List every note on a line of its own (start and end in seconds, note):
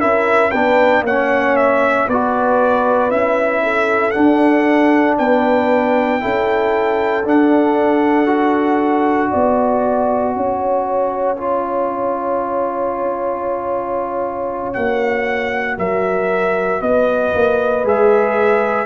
0.00 0.53 C#4
0.00 0.52 E4
0.00 0.50 A#4
0.00 0.51 E5
0.50 1.01 B3
0.50 1.06 D4
0.50 1.02 B4
0.50 1.03 G5
1.01 2.05 A#3
1.01 2.09 C#4
1.01 2.07 C#5
1.01 1.56 F#5
1.56 2.08 E5
2.07 3.11 B3
2.07 3.10 F#4
2.07 3.62 B4
2.07 3.11 D5
3.10 4.15 C#4
3.10 4.13 E4
3.10 4.11 E5
3.63 5.18 A4
4.11 6.20 D4
4.11 5.19 D4
4.11 5.14 F#5
5.18 6.22 B3
5.18 6.22 B4
5.18 7.25 G5
6.20 7.25 C#4
6.20 7.23 E4
6.20 9.30 A4
7.25 8.26 D4
7.25 9.32 D4
7.25 9.31 F#5
8.26 11.37 F#4
9.30 10.36 B3
9.30 10.34 D5
9.30 14.73 G#5
10.36 14.75 C#4
10.36 15.78 C#5
11.37 14.74 F4
14.73 15.77 A#3
14.73 17.84 F#4
14.73 15.77 F#5
15.77 16.81 F#3
15.77 16.81 A#4
15.77 16.82 E5
16.81 17.33 B3
16.81 18.86 B4
16.81 17.85 D#5
17.34 17.84 A#3
17.84 18.86 G#3
17.84 18.86 G#4
17.84 18.86 E5